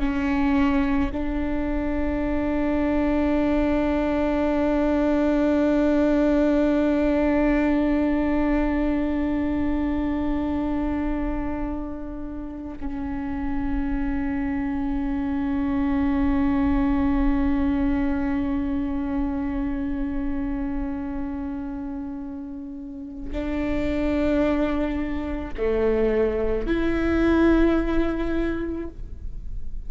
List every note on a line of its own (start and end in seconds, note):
0.00 1.11 C#4
1.12 12.79 D4
12.80 23.32 C#4
23.32 25.54 D4
25.57 26.67 A3
26.67 28.89 E4